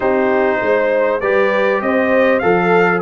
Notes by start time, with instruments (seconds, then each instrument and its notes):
0.00 tuba C4, trombone D#4, horn G4, trumpet C5
0.62 tuba G#3, horn C5
1.20 tuba G3, trombone G4, horn B4, trumpet D5
1.81 tuba C4, horn C5, trumpet D#5
2.39 tuba F3, trombone A4, horn A4, trumpet F5